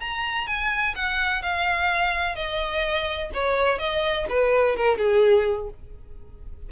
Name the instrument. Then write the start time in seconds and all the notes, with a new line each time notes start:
violin
0.00 A#5
0.47 G#5
0.95 F#5
1.42 F5
2.35 D#5
3.33 C#5
3.78 D#5
4.29 B4
4.76 A#4
4.98 G#4